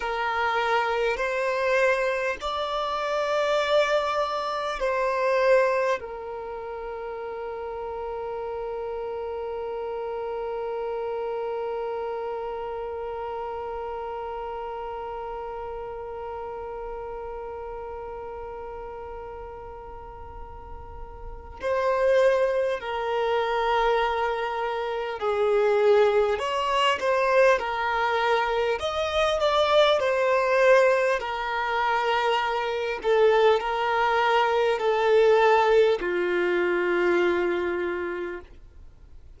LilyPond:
\new Staff \with { instrumentName = "violin" } { \time 4/4 \tempo 4 = 50 ais'4 c''4 d''2 | c''4 ais'2.~ | ais'1~ | ais'1~ |
ais'2 c''4 ais'4~ | ais'4 gis'4 cis''8 c''8 ais'4 | dis''8 d''8 c''4 ais'4. a'8 | ais'4 a'4 f'2 | }